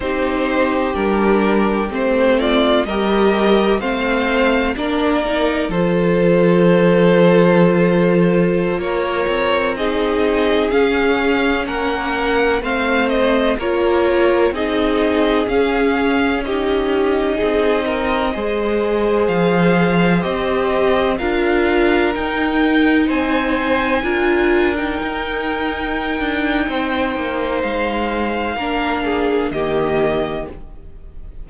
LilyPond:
<<
  \new Staff \with { instrumentName = "violin" } { \time 4/4 \tempo 4 = 63 c''4 ais'4 c''8 d''8 dis''4 | f''4 d''4 c''2~ | c''4~ c''16 cis''4 dis''4 f''8.~ | f''16 fis''4 f''8 dis''8 cis''4 dis''8.~ |
dis''16 f''4 dis''2~ dis''8.~ | dis''16 f''4 dis''4 f''4 g''8.~ | g''16 gis''4.~ gis''16 g''2~ | g''4 f''2 dis''4 | }
  \new Staff \with { instrumentName = "violin" } { \time 4/4 g'2~ g'8 f'8 ais'4 | c''4 ais'4 a'2~ | a'4~ a'16 ais'4 gis'4.~ gis'16~ | gis'16 ais'4 c''4 ais'4 gis'8.~ |
gis'4~ gis'16 g'4 gis'8 ais'8 c''8.~ | c''2~ c''16 ais'4.~ ais'16~ | ais'16 c''4 ais'2~ ais'8. | c''2 ais'8 gis'8 g'4 | }
  \new Staff \with { instrumentName = "viola" } { \time 4/4 dis'4 d'4 c'4 g'4 | c'4 d'8 dis'8 f'2~ | f'2~ f'16 dis'4 cis'8.~ | cis'4~ cis'16 c'4 f'4 dis'8.~ |
dis'16 cis'4 dis'2 gis'8.~ | gis'4~ gis'16 g'4 f'4 dis'8.~ | dis'4~ dis'16 f'8. dis'2~ | dis'2 d'4 ais4 | }
  \new Staff \with { instrumentName = "cello" } { \time 4/4 c'4 g4 a4 g4 | a4 ais4 f2~ | f4~ f16 ais8 c'4. cis'8.~ | cis'16 ais4 a4 ais4 c'8.~ |
c'16 cis'2 c'4 gis8.~ | gis16 f4 c'4 d'4 dis'8.~ | dis'16 c'4 d'4 dis'4~ dis'16 d'8 | c'8 ais8 gis4 ais4 dis4 | }
>>